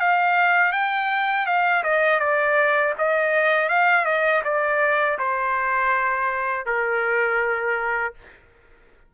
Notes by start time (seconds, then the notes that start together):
0.00 F5
0.73 G5
1.46 F5
1.84 D#5
2.20 D5
2.99 D#5
3.70 F5
4.05 D#5
4.44 D5
5.19 C5
6.66 A#4